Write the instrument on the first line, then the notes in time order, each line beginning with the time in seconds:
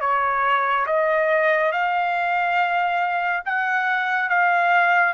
trumpet
0.00 C#5
0.86 D#5
1.71 F5
3.45 F#5
4.29 F5